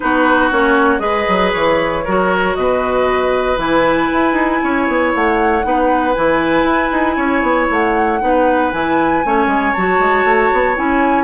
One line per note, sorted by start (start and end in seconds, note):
0.00 0.51 B3
0.00 0.51 D#4
0.00 1.01 F#4
0.00 0.50 B4
0.51 0.99 A#3
0.51 0.99 C#4
0.51 0.99 C#5
0.99 1.25 G#3
0.99 2.01 G#4
0.99 2.04 B4
0.99 1.50 D#5
1.28 1.54 F#3
1.52 2.05 E3
1.52 2.55 C#5
2.04 2.56 F#3
2.04 3.56 F#4
2.04 2.55 A#4
2.55 3.57 B2
2.55 4.63 B4
2.55 3.57 D#5
3.56 4.08 E3
3.56 5.61 E4
3.56 5.13 G#5
4.12 4.33 E4
4.33 4.58 D#4
4.63 4.87 C#4
4.63 5.65 C#5
4.87 5.13 B3
5.14 5.64 A3
5.14 6.13 F#5
5.62 6.15 B3
5.62 6.14 D#4
5.62 7.16 B4
6.13 6.63 E3
6.13 8.20 E4
6.13 7.67 G#5
6.63 6.89 E4
6.92 7.17 D#4
7.16 7.42 C#4
7.16 8.19 C#5
7.42 7.68 B3
7.70 8.21 A3
7.70 8.71 F#5
8.20 8.72 B3
8.20 8.72 D#4
8.20 9.25 B4
8.71 9.24 E3
8.71 9.23 E4
8.71 9.73 G#5
9.24 9.46 A3
9.24 9.75 C#4
9.24 11.24 C#5
9.46 9.72 G#3
9.73 9.99 F#3
9.73 10.75 F#4
9.73 10.76 A5
9.99 10.24 G#3
10.24 10.50 A3
10.52 10.77 B3
10.75 11.24 C#4
10.75 11.24 E4
10.75 11.24 G#5